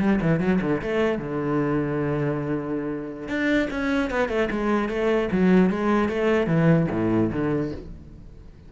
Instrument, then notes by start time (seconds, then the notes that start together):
cello
0.00 G3
0.22 E3
0.41 F#3
0.62 D3
0.82 A3
1.19 D3
3.29 D4
3.71 C#4
4.11 B3
4.29 A3
4.51 G#3
4.89 A3
5.32 F#3
5.70 G#3
6.09 A3
6.47 E3
6.91 A2
7.33 D3